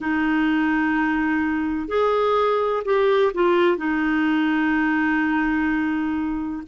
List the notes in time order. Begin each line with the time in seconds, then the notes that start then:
0.00 D#4
1.88 G#4
2.84 G4
3.34 F4
3.77 D#4